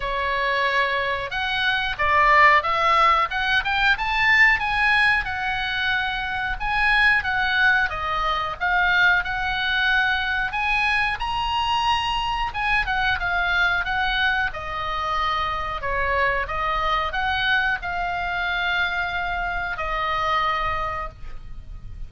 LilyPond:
\new Staff \with { instrumentName = "oboe" } { \time 4/4 \tempo 4 = 91 cis''2 fis''4 d''4 | e''4 fis''8 g''8 a''4 gis''4 | fis''2 gis''4 fis''4 | dis''4 f''4 fis''2 |
gis''4 ais''2 gis''8 fis''8 | f''4 fis''4 dis''2 | cis''4 dis''4 fis''4 f''4~ | f''2 dis''2 | }